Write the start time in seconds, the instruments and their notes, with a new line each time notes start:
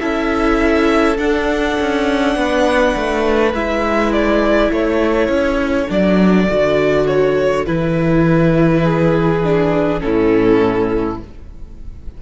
0.00 cello C#4, viola E4, violin A4 E5
1.18 cello D4, viola D4, violin F#5
1.81 cello C#4
2.36 cello B3, violin B4
2.97 cello A3
3.54 cello G#3, viola E4, violin E5
4.13 violin D5
4.72 cello A3, violin A4 C#5
5.29 cello C#4
5.88 cello F#3, viola D4, violin D5
6.49 cello D3, viola F#4
7.07 violin C#5
7.67 cello E3, viola E4, violin B4
8.84 violin G#4
9.44 viola D4
10.00 cello A2, viola C#4, violin E4 A4